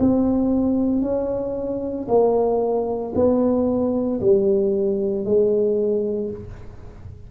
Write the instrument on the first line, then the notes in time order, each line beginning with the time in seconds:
tuba
0.00 C4
1.02 C#4
2.08 A#3
3.15 B3
4.21 G3
5.25 G#3